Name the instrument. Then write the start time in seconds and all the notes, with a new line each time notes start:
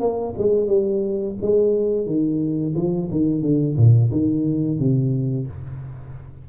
tuba
0.00 A#3
0.37 G#3
0.67 G3
1.41 G#3
2.06 D#3
2.75 F3
3.11 D#3
3.42 D3
3.76 A#2
4.11 D#3
4.79 C3